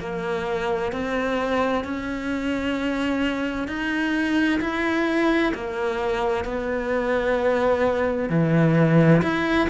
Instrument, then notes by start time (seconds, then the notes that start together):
cello
0.00 A#3
0.92 C4
1.85 C#4
3.68 D#4
4.61 E4
5.55 A#3
6.45 B3
8.30 E3
9.23 E4